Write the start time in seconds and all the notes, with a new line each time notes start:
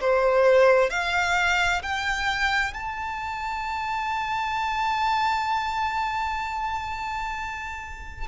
0.00 C5
0.89 F5
1.82 G5
2.73 A5